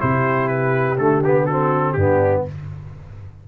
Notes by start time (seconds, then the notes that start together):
0.00 C3 E4 G4 C5
0.48 B4
0.98 D3 A3 A4
1.24 B3 G4
1.46 C4 F#4 A4
1.93 G2 B3 D4 G4